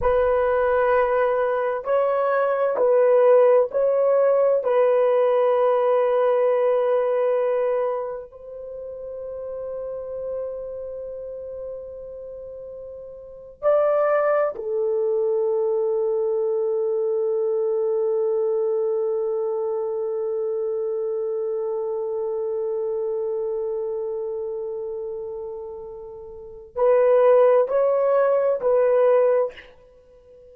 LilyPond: \new Staff \with { instrumentName = "horn" } { \time 4/4 \tempo 4 = 65 b'2 cis''4 b'4 | cis''4 b'2.~ | b'4 c''2.~ | c''2~ c''8. d''4 a'16~ |
a'1~ | a'1~ | a'1~ | a'4 b'4 cis''4 b'4 | }